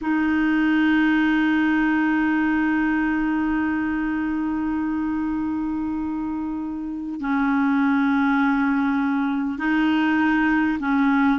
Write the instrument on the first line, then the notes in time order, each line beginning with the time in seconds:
clarinet
0.01 D#4
7.20 C#4
9.58 D#4
10.79 C#4